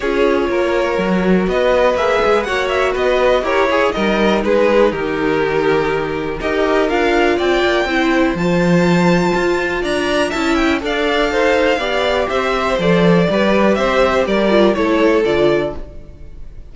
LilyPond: <<
  \new Staff \with { instrumentName = "violin" } { \time 4/4 \tempo 4 = 122 cis''2. dis''4 | e''4 fis''8 e''8 dis''4 cis''4 | dis''4 b'4 ais'2~ | ais'4 dis''4 f''4 g''4~ |
g''4 a''2. | ais''4 a''8 g''8 f''2~ | f''4 e''4 d''2 | e''4 d''4 cis''4 d''4 | }
  \new Staff \with { instrumentName = "violin" } { \time 4/4 gis'4 ais'2 b'4~ | b'4 cis''4 b'4 ais'8 gis'8 | ais'4 gis'4 g'2~ | g'4 ais'2 d''4 |
c''1 | d''4 e''4 d''4 c''4 | d''4 c''2 b'4 | c''4 ais'4 a'2 | }
  \new Staff \with { instrumentName = "viola" } { \time 4/4 f'2 fis'2 | gis'4 fis'2 g'8 gis'8 | dis'1~ | dis'4 g'4 f'2 |
e'4 f'2.~ | f'4 e'4 a'2 | g'2 a'4 g'4~ | g'4. f'8 e'4 f'4 | }
  \new Staff \with { instrumentName = "cello" } { \time 4/4 cis'4 ais4 fis4 b4 | ais8 gis8 ais4 b4 e'4 | g4 gis4 dis2~ | dis4 dis'4 d'4 c'8 ais8 |
c'4 f2 f'4 | d'4 cis'4 d'4 dis'4 | b4 c'4 f4 g4 | c'4 g4 a4 d4 | }
>>